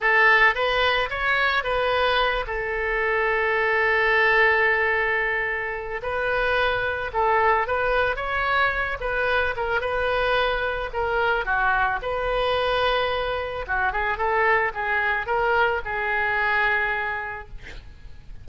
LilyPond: \new Staff \with { instrumentName = "oboe" } { \time 4/4 \tempo 4 = 110 a'4 b'4 cis''4 b'4~ | b'8 a'2.~ a'8~ | a'2. b'4~ | b'4 a'4 b'4 cis''4~ |
cis''8 b'4 ais'8 b'2 | ais'4 fis'4 b'2~ | b'4 fis'8 gis'8 a'4 gis'4 | ais'4 gis'2. | }